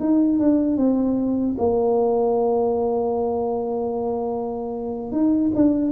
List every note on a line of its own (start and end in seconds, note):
0.00 0.39 D#4
0.39 0.77 D4
0.77 1.56 C4
1.59 5.12 A#3
5.12 5.52 D#4
5.55 5.92 D4